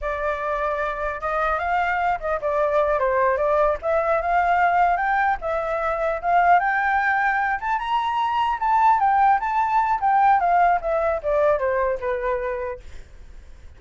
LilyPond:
\new Staff \with { instrumentName = "flute" } { \time 4/4 \tempo 4 = 150 d''2. dis''4 | f''4. dis''8 d''4. c''8~ | c''8 d''4 e''4 f''4.~ | f''8 g''4 e''2 f''8~ |
f''8 g''2~ g''8 a''8 ais''8~ | ais''4. a''4 g''4 a''8~ | a''4 g''4 f''4 e''4 | d''4 c''4 b'2 | }